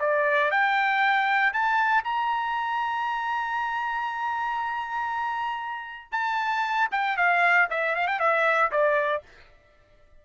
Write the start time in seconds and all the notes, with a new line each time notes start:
0.00 D5
0.51 G5
1.53 A5
2.04 A#5
6.12 A5
6.92 G5
7.17 F5
7.71 E5
7.96 F5
8.08 G5
8.20 E5
8.72 D5